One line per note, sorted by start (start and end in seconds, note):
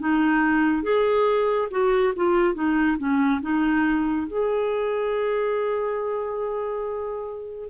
0.00 0.83 D#4
0.83 1.69 G#4
1.71 2.14 F#4
2.17 2.55 F4
2.55 2.98 D#4
2.98 3.41 C#4
3.42 4.28 D#4
4.28 7.70 G#4